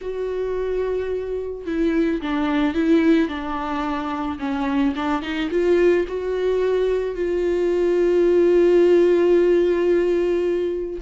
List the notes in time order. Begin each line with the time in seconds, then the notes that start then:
0.01 F#4
1.66 E4
2.21 D4
2.74 E4
3.28 D4
4.39 C#4
4.95 D4
5.21 D#4
5.50 F4
6.08 F#4
7.15 F4